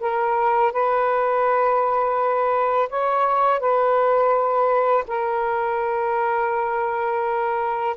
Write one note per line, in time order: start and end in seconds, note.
0.00 0.72 A#4
0.72 2.89 B4
2.89 3.59 C#5
3.59 5.04 B4
5.07 7.96 A#4